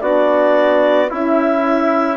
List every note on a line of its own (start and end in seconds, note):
0.00 1.10 B3
0.00 1.09 D4
0.00 1.10 F#4
0.00 1.10 D5
1.10 2.17 C#4
1.10 2.17 E4
1.10 2.17 E5